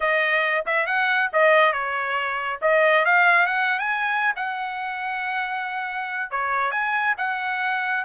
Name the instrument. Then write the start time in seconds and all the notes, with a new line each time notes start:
trumpet
0.00 D#5
0.66 E5
0.86 F#5
1.32 D#5
1.73 C#5
2.61 D#5
3.05 F5
3.46 F#5
3.79 G#5
4.36 F#5
6.30 C#5
6.71 G#5
7.17 F#5